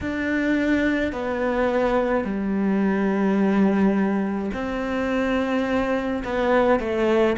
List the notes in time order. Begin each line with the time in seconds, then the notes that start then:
0.00 D4
1.12 B3
2.24 G3
4.53 C4
6.24 B3
6.79 A3